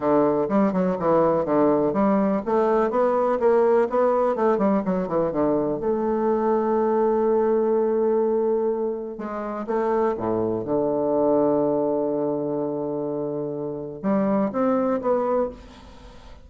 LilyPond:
\new Staff \with { instrumentName = "bassoon" } { \time 4/4 \tempo 4 = 124 d4 g8 fis8 e4 d4 | g4 a4 b4 ais4 | b4 a8 g8 fis8 e8 d4 | a1~ |
a2. gis4 | a4 a,4 d2~ | d1~ | d4 g4 c'4 b4 | }